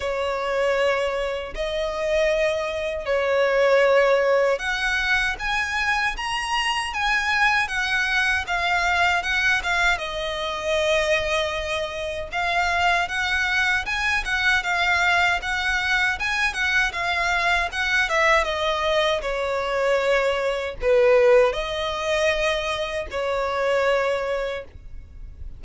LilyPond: \new Staff \with { instrumentName = "violin" } { \time 4/4 \tempo 4 = 78 cis''2 dis''2 | cis''2 fis''4 gis''4 | ais''4 gis''4 fis''4 f''4 | fis''8 f''8 dis''2. |
f''4 fis''4 gis''8 fis''8 f''4 | fis''4 gis''8 fis''8 f''4 fis''8 e''8 | dis''4 cis''2 b'4 | dis''2 cis''2 | }